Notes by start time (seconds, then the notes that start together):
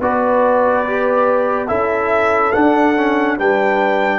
0.00 B3 F#4 B4 D5
0.86 G4
1.68 C#4 E4 A4 E5
2.52 D4 F#5
2.95 C#4
3.37 G3 D4 B4 G5